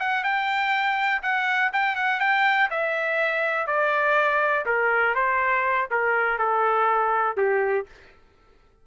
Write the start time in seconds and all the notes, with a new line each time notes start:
0.00 F#5
0.24 G5
1.23 F#5
1.73 G5
1.96 F#5
2.21 G5
2.71 E5
3.67 D5
4.66 A#4
5.15 C5
5.91 A#4
6.39 A4
7.37 G4